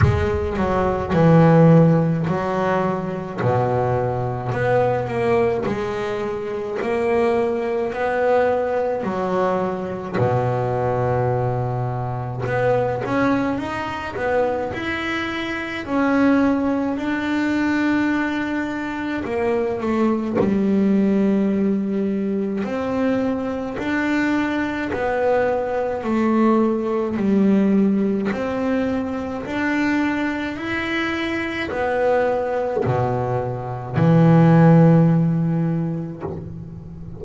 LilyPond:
\new Staff \with { instrumentName = "double bass" } { \time 4/4 \tempo 4 = 53 gis8 fis8 e4 fis4 b,4 | b8 ais8 gis4 ais4 b4 | fis4 b,2 b8 cis'8 | dis'8 b8 e'4 cis'4 d'4~ |
d'4 ais8 a8 g2 | c'4 d'4 b4 a4 | g4 c'4 d'4 e'4 | b4 b,4 e2 | }